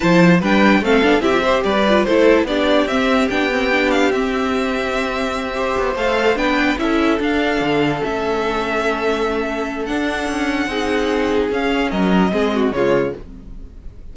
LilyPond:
<<
  \new Staff \with { instrumentName = "violin" } { \time 4/4 \tempo 4 = 146 a''4 g''4 f''4 e''4 | d''4 c''4 d''4 e''4 | g''4. f''8 e''2~ | e''2~ e''8 f''4 g''8~ |
g''8 e''4 f''2 e''8~ | e''1 | fis''1 | f''4 dis''2 cis''4 | }
  \new Staff \with { instrumentName = "violin" } { \time 4/4 c''4 b'4 a'4 g'8 c''8 | b'4 a'4 g'2~ | g'1~ | g'4. c''2 b'8~ |
b'8 a'2.~ a'8~ | a'1~ | a'2 gis'2~ | gis'4 ais'4 gis'8 fis'8 f'4 | }
  \new Staff \with { instrumentName = "viola" } { \time 4/4 e'4 d'4 c'8 d'8 e'16 f'16 g'8~ | g'8 f'8 e'4 d'4 c'4 | d'8 c'8 d'4 c'2~ | c'4. g'4 a'4 d'8~ |
d'8 e'4 d'2 cis'8~ | cis'1 | d'2 dis'2 | cis'2 c'4 gis4 | }
  \new Staff \with { instrumentName = "cello" } { \time 4/4 f4 g4 a8 b8 c'4 | g4 a4 b4 c'4 | b2 c'2~ | c'2 b8 a4 b8~ |
b8 cis'4 d'4 d4 a8~ | a1 | d'4 cis'4 c'2 | cis'4 fis4 gis4 cis4 | }
>>